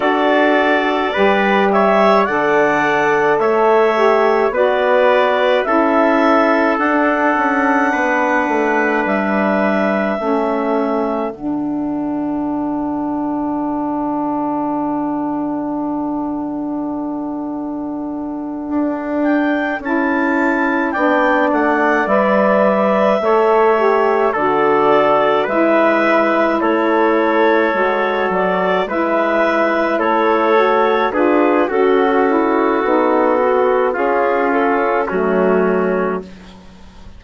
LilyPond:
<<
  \new Staff \with { instrumentName = "clarinet" } { \time 4/4 \tempo 4 = 53 d''4. e''8 fis''4 e''4 | d''4 e''4 fis''2 | e''2 fis''2~ | fis''1~ |
fis''4 g''8 a''4 g''8 fis''8 e''8~ | e''4. d''4 e''4 cis''8~ | cis''4 d''8 e''4 cis''4 b'8 | a'2 gis'8 a'8 fis'4 | }
  \new Staff \with { instrumentName = "trumpet" } { \time 4/4 a'4 b'8 cis''8 d''4 cis''4 | b'4 a'2 b'4~ | b'4 a'2.~ | a'1~ |
a'2~ a'8 d''4.~ | d''8 cis''4 a'4 b'4 a'8~ | a'4. b'4 a'4 gis'8 | fis'2 f'4 cis'4 | }
  \new Staff \with { instrumentName = "saxophone" } { \time 4/4 fis'4 g'4 a'4. g'8 | fis'4 e'4 d'2~ | d'4 cis'4 d'2~ | d'1~ |
d'4. e'4 d'4 b'8~ | b'8 a'8 g'8 fis'4 e'4.~ | e'8 fis'4 e'4. fis'8 f'8 | fis'8 e'8 dis'8 fis'8 cis'4 a4 | }
  \new Staff \with { instrumentName = "bassoon" } { \time 4/4 d'4 g4 d4 a4 | b4 cis'4 d'8 cis'8 b8 a8 | g4 a4 d2~ | d1~ |
d8 d'4 cis'4 b8 a8 g8~ | g8 a4 d4 gis4 a8~ | a8 gis8 fis8 gis4 a4 d'8 | cis'4 b4 cis'4 fis4 | }
>>